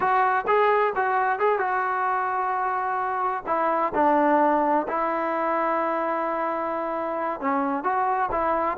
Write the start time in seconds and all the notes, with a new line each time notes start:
0.00 F#4
0.47 G#4
0.95 F#4
1.39 G#4
1.58 F#4
3.46 E4
3.94 D4
4.88 E4
7.40 C#4
7.83 F#4
8.31 E4